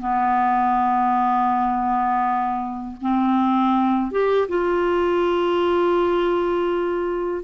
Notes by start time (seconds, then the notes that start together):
0.00 B3
3.01 C4
4.11 G4
4.48 F4